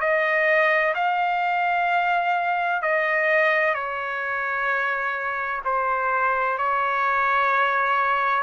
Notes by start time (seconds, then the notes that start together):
0.00 D#5
0.95 F5
2.82 D#5
3.74 C#5
5.65 C5
6.58 C#5